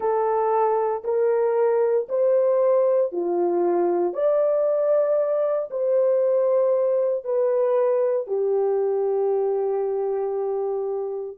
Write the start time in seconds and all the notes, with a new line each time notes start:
0.00 A4
1.03 A#4
2.08 C5
3.11 F4
4.13 D5
5.70 C5
7.24 B4
8.27 G4